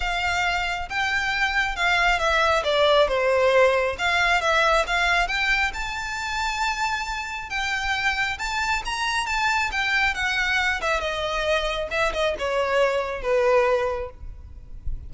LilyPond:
\new Staff \with { instrumentName = "violin" } { \time 4/4 \tempo 4 = 136 f''2 g''2 | f''4 e''4 d''4 c''4~ | c''4 f''4 e''4 f''4 | g''4 a''2.~ |
a''4 g''2 a''4 | ais''4 a''4 g''4 fis''4~ | fis''8 e''8 dis''2 e''8 dis''8 | cis''2 b'2 | }